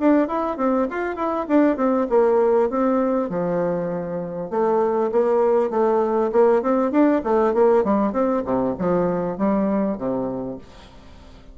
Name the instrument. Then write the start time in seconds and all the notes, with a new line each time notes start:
bassoon
0.00 D4
0.28 E4
0.57 C4
0.91 F4
1.16 E4
1.48 D4
1.77 C4
2.10 A#3
2.70 C4
3.30 F3
4.50 A3
5.12 A#3
5.71 A3
6.32 A#3
6.62 C4
6.92 D4
7.24 A3
7.54 A#3
7.84 G3
8.13 C4
8.45 C3
8.79 F3
9.38 G3
9.98 C3